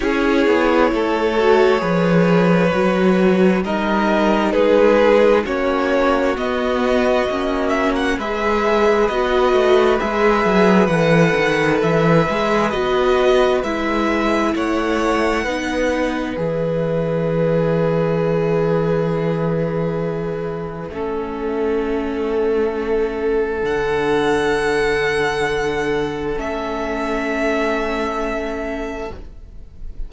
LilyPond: <<
  \new Staff \with { instrumentName = "violin" } { \time 4/4 \tempo 4 = 66 cis''1 | dis''4 b'4 cis''4 dis''4~ | dis''8 e''16 fis''16 e''4 dis''4 e''4 | fis''4 e''4 dis''4 e''4 |
fis''2 e''2~ | e''1~ | e''2 fis''2~ | fis''4 e''2. | }
  \new Staff \with { instrumentName = "violin" } { \time 4/4 gis'4 a'4 b'2 | ais'4 gis'4 fis'2~ | fis'4 b'2.~ | b'1 |
cis''4 b'2.~ | b'2. a'4~ | a'1~ | a'1 | }
  \new Staff \with { instrumentName = "viola" } { \time 4/4 e'4. fis'8 gis'4 fis'4 | dis'2 cis'4 b4 | cis'4 gis'4 fis'4 gis'4 | a'4. gis'8 fis'4 e'4~ |
e'4 dis'4 gis'2~ | gis'2. cis'4~ | cis'2 d'2~ | d'4 cis'2. | }
  \new Staff \with { instrumentName = "cello" } { \time 4/4 cis'8 b8 a4 f4 fis4 | g4 gis4 ais4 b4 | ais4 gis4 b8 a8 gis8 fis8 | e8 dis8 e8 gis8 b4 gis4 |
a4 b4 e2~ | e2. a4~ | a2 d2~ | d4 a2. | }
>>